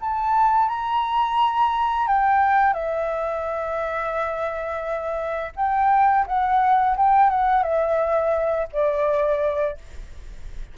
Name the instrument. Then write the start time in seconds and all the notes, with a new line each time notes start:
flute
0.00 A5
0.68 A#5
2.07 G5
2.73 E5
5.56 G5
6.26 F#5
6.96 G5
7.29 F#5
7.62 E5
8.72 D5